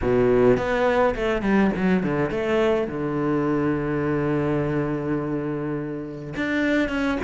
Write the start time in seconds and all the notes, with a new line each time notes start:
0.01 B2
0.57 B3
1.15 A3
1.42 G3
1.76 F#3
2.03 D3
2.30 A3
2.87 D3
6.36 D4
6.89 C#4